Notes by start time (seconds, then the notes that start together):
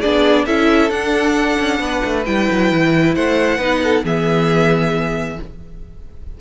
0.00 B3 D4 G#4 D5
0.45 C#4 E4 A4 E5
0.90 D4 F#5
1.59 C#4
1.79 B3 B4
2.04 A3
2.25 G3 E4 G5
2.51 F#3
2.71 E3
3.15 A3 C5 F#5
3.57 B3 D#4 B4
3.83 A4
4.04 E3 B3 G#4 E5